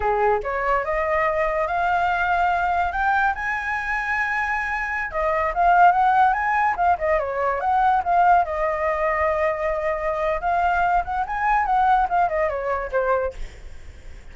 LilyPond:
\new Staff \with { instrumentName = "flute" } { \time 4/4 \tempo 4 = 144 gis'4 cis''4 dis''2 | f''2. g''4 | gis''1~ | gis''16 dis''4 f''4 fis''4 gis''8.~ |
gis''16 f''8 dis''8 cis''4 fis''4 f''8.~ | f''16 dis''2.~ dis''8.~ | dis''4 f''4. fis''8 gis''4 | fis''4 f''8 dis''8 cis''4 c''4 | }